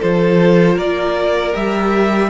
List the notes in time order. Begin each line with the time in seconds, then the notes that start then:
0.00 F3 F4 A4 C5
0.75 A#3 A#4 D5
1.54 G3 G4 E5